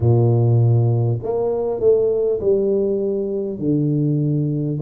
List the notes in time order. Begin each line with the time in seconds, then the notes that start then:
0.00 A#2
1.23 A#3
1.80 A3
2.40 G3
3.58 D3